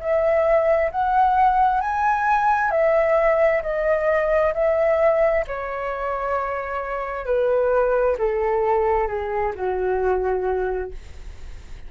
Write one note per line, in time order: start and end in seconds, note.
0.00 0.91 E5
0.91 1.81 F#5
1.81 2.71 G#5
2.71 3.62 E5
3.63 4.54 D#5
4.54 5.45 E5
5.47 7.26 C#5
7.26 8.17 B4
8.19 9.08 A4
9.08 9.53 G#4
9.55 10.92 F#4